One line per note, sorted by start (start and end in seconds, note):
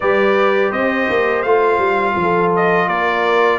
0.00 0.72 G3
0.00 1.45 G4
0.00 0.70 B4
0.00 0.72 D5
0.70 1.08 C4
0.70 2.15 C5
0.70 1.42 D#5
1.09 1.44 A#3
1.42 1.78 A3
1.42 3.59 F4
1.42 2.51 F5
1.78 2.14 G3
2.16 2.87 F3
2.16 2.87 A4
2.56 2.88 D#5
2.87 3.59 A#3
2.87 3.59 A#4
2.87 3.59 D5